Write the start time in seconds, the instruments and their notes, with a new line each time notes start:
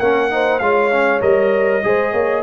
0.00 tuba A#3, trombone C#4, horn A#4, trumpet F#5
0.30 trombone D#4, horn C5
0.59 tuba G#3, trombone F4, horn C#5, trumpet F5
0.92 trombone C#4
1.21 tuba G3, trombone A#4, trumpet D#5
1.84 tuba G#3, trombone G#4, horn C5
2.12 tuba A#3, horn C#5